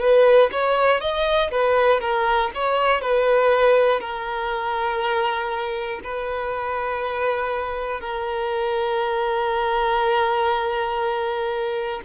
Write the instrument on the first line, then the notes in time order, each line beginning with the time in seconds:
violin
0.00 B4
0.52 C#5
1.01 D#5
1.51 B4
2.01 A#4
2.55 C#5
3.02 B4
4.00 A#4
6.04 B4
8.01 A#4